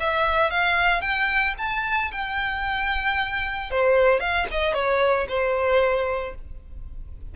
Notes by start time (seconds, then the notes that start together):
0.00 E5
0.50 F5
1.01 G5
1.58 A5
2.12 G5
3.71 C5
4.20 F5
4.51 D#5
4.74 C#5
5.29 C5